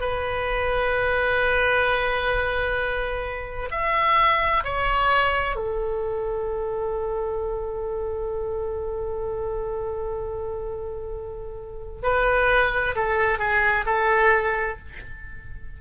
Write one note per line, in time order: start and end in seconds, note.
0.00 3.69 B4
3.71 4.64 E5
4.64 5.56 C#5
5.56 12.03 A4
12.03 12.95 B4
12.96 13.39 A4
13.39 13.85 G#4
13.86 14.78 A4